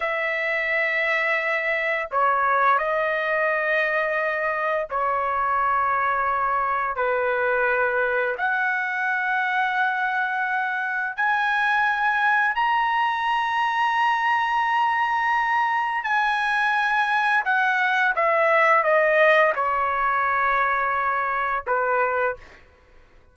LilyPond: \new Staff \with { instrumentName = "trumpet" } { \time 4/4 \tempo 4 = 86 e''2. cis''4 | dis''2. cis''4~ | cis''2 b'2 | fis''1 |
gis''2 ais''2~ | ais''2. gis''4~ | gis''4 fis''4 e''4 dis''4 | cis''2. b'4 | }